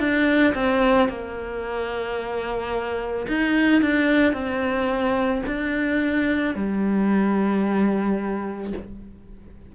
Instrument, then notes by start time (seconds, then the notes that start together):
cello
0.00 D4
0.55 C4
1.09 A#3
3.28 D#4
3.82 D4
4.33 C4
5.47 D4
6.55 G3